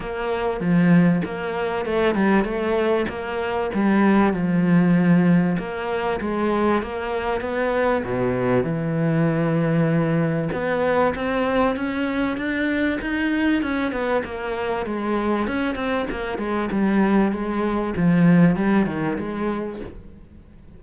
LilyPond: \new Staff \with { instrumentName = "cello" } { \time 4/4 \tempo 4 = 97 ais4 f4 ais4 a8 g8 | a4 ais4 g4 f4~ | f4 ais4 gis4 ais4 | b4 b,4 e2~ |
e4 b4 c'4 cis'4 | d'4 dis'4 cis'8 b8 ais4 | gis4 cis'8 c'8 ais8 gis8 g4 | gis4 f4 g8 dis8 gis4 | }